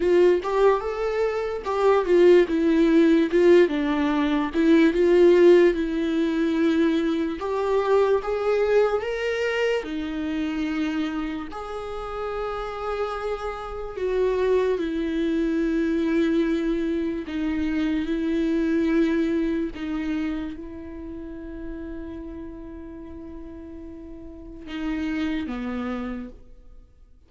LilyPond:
\new Staff \with { instrumentName = "viola" } { \time 4/4 \tempo 4 = 73 f'8 g'8 a'4 g'8 f'8 e'4 | f'8 d'4 e'8 f'4 e'4~ | e'4 g'4 gis'4 ais'4 | dis'2 gis'2~ |
gis'4 fis'4 e'2~ | e'4 dis'4 e'2 | dis'4 e'2.~ | e'2 dis'4 b4 | }